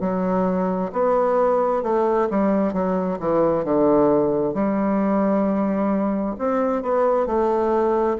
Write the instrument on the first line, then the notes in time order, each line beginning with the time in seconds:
bassoon
0.00 F#3
0.92 B3
1.83 A3
2.30 G3
2.73 F#3
3.19 E3
3.64 D3
4.53 G3
6.38 C4
6.82 B3
7.26 A3